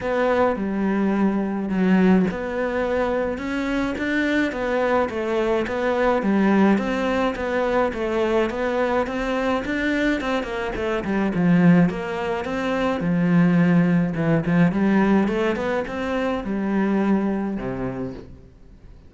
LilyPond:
\new Staff \with { instrumentName = "cello" } { \time 4/4 \tempo 4 = 106 b4 g2 fis4 | b2 cis'4 d'4 | b4 a4 b4 g4 | c'4 b4 a4 b4 |
c'4 d'4 c'8 ais8 a8 g8 | f4 ais4 c'4 f4~ | f4 e8 f8 g4 a8 b8 | c'4 g2 c4 | }